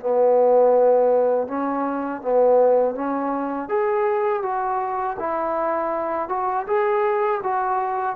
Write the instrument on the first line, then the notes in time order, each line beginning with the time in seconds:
trombone
0.00 B3
1.47 C#4
2.22 B3
2.95 C#4
3.69 G#4
4.42 F#4
5.19 E4
6.29 F#4
6.66 G#4
7.43 F#4